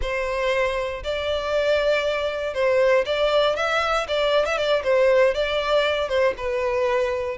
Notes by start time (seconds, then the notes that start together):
0.01 C5
1.03 D5
2.54 C5
3.05 D5
3.55 E5
4.07 D5
4.45 E5
4.57 D5
4.83 C5
5.34 D5
6.08 C5
6.37 B4